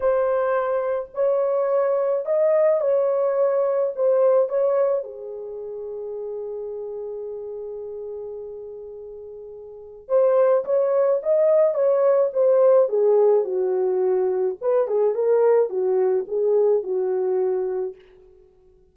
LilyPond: \new Staff \with { instrumentName = "horn" } { \time 4/4 \tempo 4 = 107 c''2 cis''2 | dis''4 cis''2 c''4 | cis''4 gis'2.~ | gis'1~ |
gis'2 c''4 cis''4 | dis''4 cis''4 c''4 gis'4 | fis'2 b'8 gis'8 ais'4 | fis'4 gis'4 fis'2 | }